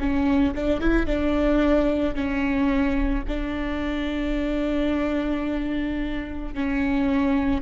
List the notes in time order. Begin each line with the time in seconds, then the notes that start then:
0.00 C#4
0.55 D4
0.81 E4
1.07 D4
2.15 C#4
3.28 D4
6.55 C#4